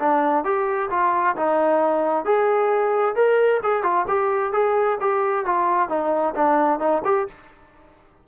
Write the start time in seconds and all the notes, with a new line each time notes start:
0.00 D4
0.45 G4
0.91 F4
1.37 D#4
2.26 G#4
3.16 A#4
3.63 G#4
3.83 F4
4.08 G4
4.53 G#4
5.01 G4
5.46 F4
5.89 D#4
6.36 D4
6.80 D#4
7.05 G4